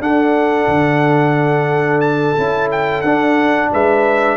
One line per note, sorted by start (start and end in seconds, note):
0.00 0.67 D4
0.00 2.36 D4
0.00 3.72 A4
0.00 2.01 F#5
0.68 2.37 D3
2.01 2.68 A5
2.37 3.02 C#4
2.37 3.05 E4
2.71 3.02 G5
3.02 3.70 D4
3.02 4.37 D4
3.02 3.69 F#5
3.72 4.37 G#3
3.72 4.37 B4
3.72 4.37 E5